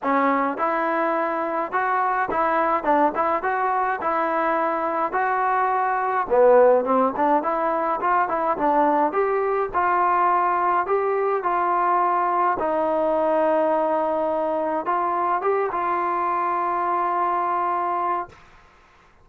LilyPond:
\new Staff \with { instrumentName = "trombone" } { \time 4/4 \tempo 4 = 105 cis'4 e'2 fis'4 | e'4 d'8 e'8 fis'4 e'4~ | e'4 fis'2 b4 | c'8 d'8 e'4 f'8 e'8 d'4 |
g'4 f'2 g'4 | f'2 dis'2~ | dis'2 f'4 g'8 f'8~ | f'1 | }